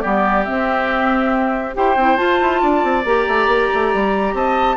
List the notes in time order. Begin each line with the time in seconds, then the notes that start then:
0.00 G3 B3 G4 D5
0.44 C4 E5
1.74 E4 G4 C5 G5
1.96 C4 E4
2.17 F4 A5
2.41 E4
2.61 D4 D5
2.83 C4
3.04 A#3 G4 A#5
3.27 A3
3.46 A#3
3.74 A3
3.93 G3
4.34 C4 D#5 A5